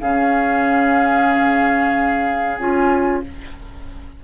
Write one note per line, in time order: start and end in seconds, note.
0.00 2.58 C#3
0.00 2.58 C#4
0.00 3.23 G#4
0.00 2.57 F5
2.57 3.23 C#4
2.57 3.23 F4
2.57 3.22 G#5